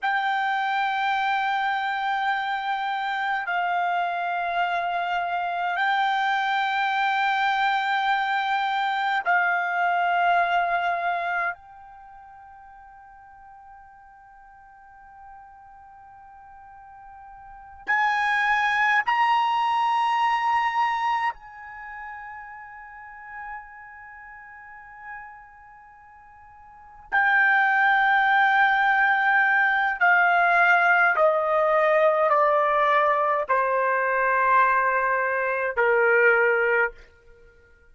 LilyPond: \new Staff \with { instrumentName = "trumpet" } { \time 4/4 \tempo 4 = 52 g''2. f''4~ | f''4 g''2. | f''2 g''2~ | g''2.~ g''8 gis''8~ |
gis''8 ais''2 gis''4.~ | gis''2.~ gis''8 g''8~ | g''2 f''4 dis''4 | d''4 c''2 ais'4 | }